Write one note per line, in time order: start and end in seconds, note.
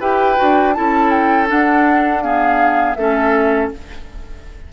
0.00 0.37 E4
0.00 0.36 G4
0.00 0.74 B4
0.00 0.74 G5
0.36 0.78 D4
0.36 0.73 F#4
0.74 1.51 C#4
0.74 1.47 E4
0.74 2.23 A4
0.74 1.10 A5
1.10 1.47 G5
1.47 2.21 D4
1.47 2.96 D4
1.47 2.22 F#5
2.22 2.97 B3
2.22 2.97 G#4
2.22 2.94 F5
2.94 3.70 A3
2.94 3.72 C#4
2.94 3.72 A4
2.94 3.68 E5